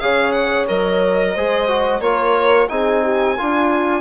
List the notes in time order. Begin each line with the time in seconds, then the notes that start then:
0.00 C#3 G#4 C#5 F5
0.32 F#5
0.68 F#3 A#4 D#5
1.35 G#3 G#4 C5
1.68 F#4
2.00 A#3 F4 A#4 C#5
2.69 C4 D#4 G#4 G#5
3.04 G4
3.38 D4 F4